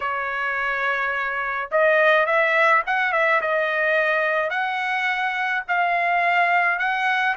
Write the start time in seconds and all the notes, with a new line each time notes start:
0.00 C#5
1.71 D#5
2.26 E5
2.86 F#5
3.12 E5
3.41 D#5
4.49 F#5
5.68 F5
6.78 F#5